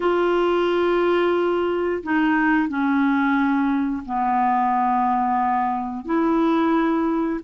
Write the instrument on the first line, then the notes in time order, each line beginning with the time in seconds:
clarinet
0.00 F4
2.03 D#4
2.68 C#4
4.05 B3
6.05 E4